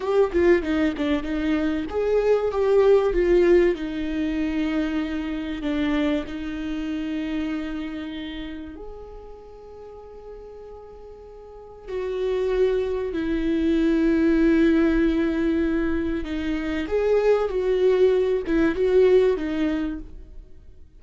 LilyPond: \new Staff \with { instrumentName = "viola" } { \time 4/4 \tempo 4 = 96 g'8 f'8 dis'8 d'8 dis'4 gis'4 | g'4 f'4 dis'2~ | dis'4 d'4 dis'2~ | dis'2 gis'2~ |
gis'2. fis'4~ | fis'4 e'2.~ | e'2 dis'4 gis'4 | fis'4. e'8 fis'4 dis'4 | }